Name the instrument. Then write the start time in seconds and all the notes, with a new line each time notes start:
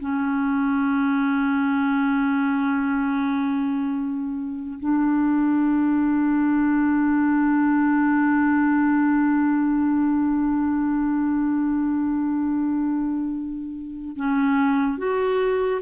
clarinet
0.00 C#4
4.80 D4
14.17 C#4
14.98 F#4